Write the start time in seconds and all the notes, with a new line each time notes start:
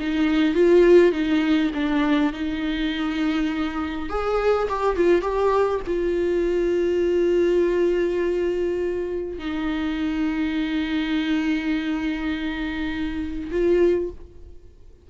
0.00 D#4
0.55 F4
1.13 D#4
1.74 D4
2.33 D#4
4.10 G#4
4.69 G4
4.96 F4
5.22 G4
5.87 F4
9.39 D#4
13.51 F4